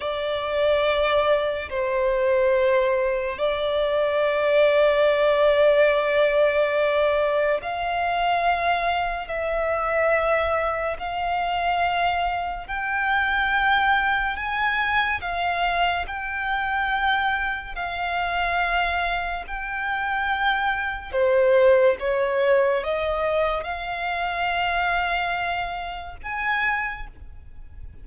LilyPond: \new Staff \with { instrumentName = "violin" } { \time 4/4 \tempo 4 = 71 d''2 c''2 | d''1~ | d''4 f''2 e''4~ | e''4 f''2 g''4~ |
g''4 gis''4 f''4 g''4~ | g''4 f''2 g''4~ | g''4 c''4 cis''4 dis''4 | f''2. gis''4 | }